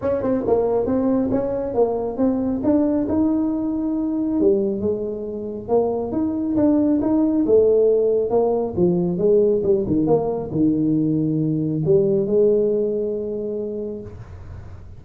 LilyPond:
\new Staff \with { instrumentName = "tuba" } { \time 4/4 \tempo 4 = 137 cis'8 c'8 ais4 c'4 cis'4 | ais4 c'4 d'4 dis'4~ | dis'2 g4 gis4~ | gis4 ais4 dis'4 d'4 |
dis'4 a2 ais4 | f4 gis4 g8 dis8 ais4 | dis2. g4 | gis1 | }